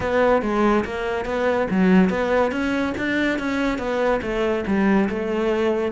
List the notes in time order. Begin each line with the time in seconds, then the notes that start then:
0.00 B3
0.42 G#3
0.85 A#3
1.25 B3
1.70 F#3
2.09 B3
2.51 C#4
2.97 D4
3.38 C#4
3.78 B3
4.22 A3
4.66 G3
5.09 A3